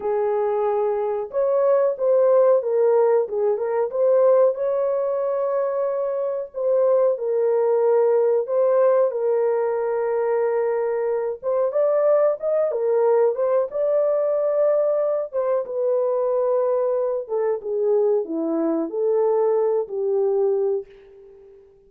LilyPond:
\new Staff \with { instrumentName = "horn" } { \time 4/4 \tempo 4 = 92 gis'2 cis''4 c''4 | ais'4 gis'8 ais'8 c''4 cis''4~ | cis''2 c''4 ais'4~ | ais'4 c''4 ais'2~ |
ais'4. c''8 d''4 dis''8 ais'8~ | ais'8 c''8 d''2~ d''8 c''8 | b'2~ b'8 a'8 gis'4 | e'4 a'4. g'4. | }